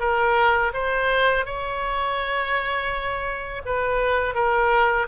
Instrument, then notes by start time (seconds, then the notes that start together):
oboe
0.00 A#4
0.74 C5
1.46 C#5
3.66 B4
4.35 A#4